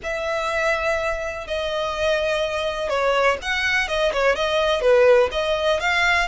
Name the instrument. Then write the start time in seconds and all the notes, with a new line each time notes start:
violin
0.03 E5
1.47 D#5
2.89 C#5
3.42 F#5
3.88 D#5
4.13 C#5
4.35 D#5
4.81 B4
5.31 D#5
5.80 F5